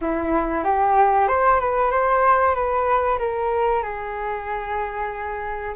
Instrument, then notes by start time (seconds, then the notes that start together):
flute
0.01 E4
0.64 G4
1.28 C5
1.60 B4
1.90 C5
2.54 B4
3.19 A#4
3.82 G#4